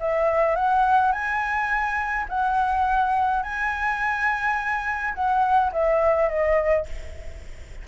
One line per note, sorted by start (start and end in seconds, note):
0.00 0.55 E5
0.55 1.12 F#5
1.12 2.26 G#5
2.29 3.43 F#5
3.43 5.14 G#5
5.14 5.71 F#5
5.72 6.29 E5
6.29 6.86 D#5